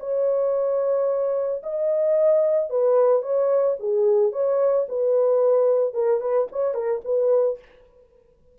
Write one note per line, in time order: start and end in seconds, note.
0.00 1.62 C#5
1.63 2.70 D#5
2.70 3.22 B4
3.22 3.76 C#5
3.79 4.32 G#4
4.32 4.86 C#5
4.88 5.94 B4
5.94 6.21 A#4
6.21 6.48 B4
6.52 6.74 C#5
6.74 7.01 A#4
7.05 7.59 B4